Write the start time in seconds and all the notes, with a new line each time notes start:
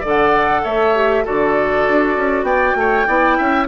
0.00 D3 A4 D5
0.08 F#5
0.63 A3 C#5 E5
0.95 G4
1.24 D3 F#4 A4 D5
1.88 D4
2.16 C#4
2.42 B3 D5 G5
2.75 A3 C#5
3.07 B3 E4 D5
3.37 C#4 E5